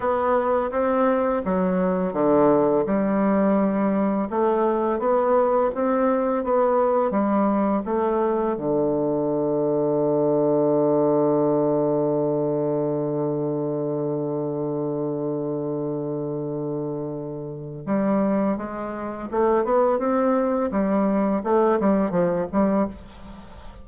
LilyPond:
\new Staff \with { instrumentName = "bassoon" } { \time 4/4 \tempo 4 = 84 b4 c'4 fis4 d4 | g2 a4 b4 | c'4 b4 g4 a4 | d1~ |
d1~ | d1~ | d4 g4 gis4 a8 b8 | c'4 g4 a8 g8 f8 g8 | }